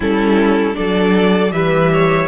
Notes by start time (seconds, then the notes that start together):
0.00 G3 C#4 E4 A4
0.74 F#3 D4 A4 D5
1.52 E3 G3 B4 E5
1.92 C#5